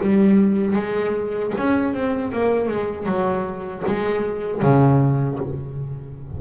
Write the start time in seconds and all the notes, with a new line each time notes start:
0.00 G3
0.76 G#3
1.57 C#4
1.93 C4
2.32 A#3
2.68 G#3
3.06 F#3
3.86 G#3
4.62 C#3